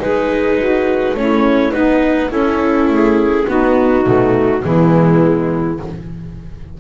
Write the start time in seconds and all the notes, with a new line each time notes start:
0.00 G#3 D#4 G#4 B4
0.59 F#4
1.15 A3 C#4 E4 C#5
1.72 B3 D#4 B4
2.31 C#4 E4 A4
2.88 A3 G#4
3.48 B3 D#4 F#4
4.06 B2 A3
4.62 E3 G#3 B3 E4